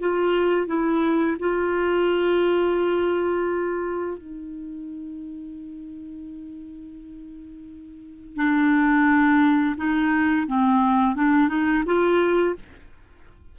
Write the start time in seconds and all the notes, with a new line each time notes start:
0.00 F4
0.67 E4
1.39 F4
4.17 D#4
8.36 D4
9.77 D#4
10.47 C4
11.15 D4
11.49 D#4
11.85 F4